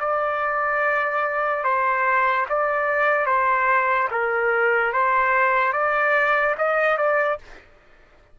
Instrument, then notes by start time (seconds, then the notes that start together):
trumpet
0.00 D5
1.64 C5
2.49 D5
3.26 C5
4.11 A#4
4.93 C5
5.73 D5
6.58 D#5
6.97 D5